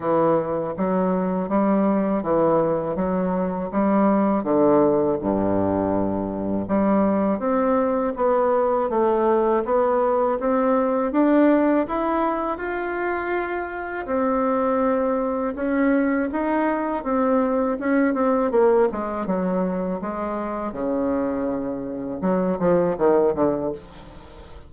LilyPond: \new Staff \with { instrumentName = "bassoon" } { \time 4/4 \tempo 4 = 81 e4 fis4 g4 e4 | fis4 g4 d4 g,4~ | g,4 g4 c'4 b4 | a4 b4 c'4 d'4 |
e'4 f'2 c'4~ | c'4 cis'4 dis'4 c'4 | cis'8 c'8 ais8 gis8 fis4 gis4 | cis2 fis8 f8 dis8 d8 | }